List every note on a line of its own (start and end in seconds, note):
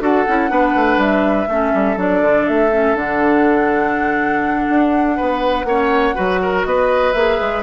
0.00 0.25 D4
0.00 0.25 F#4
0.00 0.51 A4
0.00 1.00 F#5
0.27 0.50 C#4
0.27 0.49 E4
0.49 0.74 B3
0.49 1.47 D4
0.49 1.49 B4
0.75 0.97 A3
0.97 1.46 G3
0.97 1.99 E5
1.48 1.72 A3
1.48 1.96 C#4
1.48 5.16 A4
1.74 1.97 G3
1.96 2.21 F#3
1.96 2.70 D4
1.96 2.47 D5
2.21 2.46 D3
2.47 2.95 A3
2.47 2.95 E5
2.72 2.95 C#4
2.95 4.67 D3
2.95 5.65 D4
2.95 6.64 F#5
4.69 5.18 D4
5.16 5.64 B3
5.16 5.66 B4
5.64 6.14 A#3
5.64 6.14 C#4
5.64 6.15 C#5
6.14 6.65 F#3
6.14 7.12 F#4
6.14 6.40 B4
6.42 6.66 A#4
6.64 7.14 B3
6.64 7.63 B4
6.64 7.13 D#5
7.13 7.38 A#3
7.13 7.63 G#4
7.13 7.62 E5
7.40 7.63 G#3